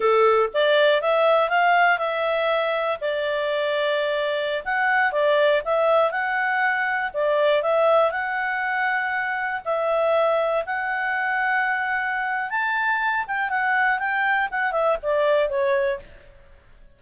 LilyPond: \new Staff \with { instrumentName = "clarinet" } { \time 4/4 \tempo 4 = 120 a'4 d''4 e''4 f''4 | e''2 d''2~ | d''4~ d''16 fis''4 d''4 e''8.~ | e''16 fis''2 d''4 e''8.~ |
e''16 fis''2. e''8.~ | e''4~ e''16 fis''2~ fis''8.~ | fis''4 a''4. g''8 fis''4 | g''4 fis''8 e''8 d''4 cis''4 | }